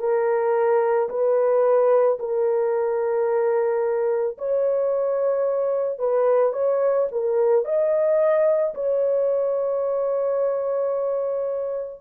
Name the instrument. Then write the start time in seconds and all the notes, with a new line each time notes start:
horn
0.00 A#4
1.10 B4
2.20 A#4
4.38 C#5
5.99 B4
6.53 C#5
7.12 A#4
7.65 D#5
8.75 C#5